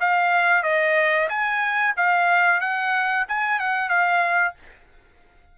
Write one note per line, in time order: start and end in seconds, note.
0.00 0.63 F5
0.63 1.28 D#5
1.28 1.94 G#5
1.96 2.60 F5
2.60 3.25 F#5
3.28 3.59 G#5
3.59 3.89 F#5
3.89 4.54 F5